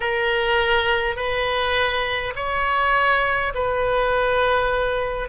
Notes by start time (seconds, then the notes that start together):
0.00 A#4
1.16 B4
2.35 C#5
3.54 B4